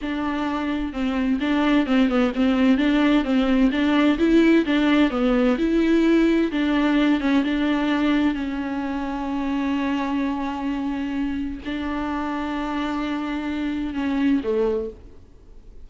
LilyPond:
\new Staff \with { instrumentName = "viola" } { \time 4/4 \tempo 4 = 129 d'2 c'4 d'4 | c'8 b8 c'4 d'4 c'4 | d'4 e'4 d'4 b4 | e'2 d'4. cis'8 |
d'2 cis'2~ | cis'1~ | cis'4 d'2.~ | d'2 cis'4 a4 | }